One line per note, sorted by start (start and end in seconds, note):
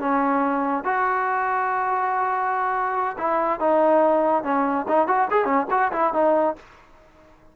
0.00 0.85 C#4
0.85 3.17 F#4
3.18 3.60 E4
3.60 4.44 D#4
4.44 4.86 C#4
4.88 5.08 D#4
5.08 5.29 F#4
5.31 5.45 G#4
5.45 5.67 C#4
5.71 5.92 F#4
5.93 6.14 E4
6.14 6.56 D#4